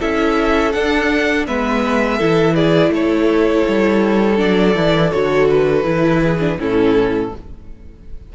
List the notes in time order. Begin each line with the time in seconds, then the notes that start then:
0.00 C#4 E4 A4 E5
0.73 D4 F#5
1.47 G#3 B3 B4 E5
2.18 E3 E4 A4
2.55 G#4 D5
2.90 A3 A4 C#5
3.68 G3
4.37 F#3 D4 D5
4.75 E3 E4
5.11 D3 F#4 C#5
5.50 B4
5.84 E3 E4
6.22 G#4
6.40 D4
6.59 A2 C#4 E4 A4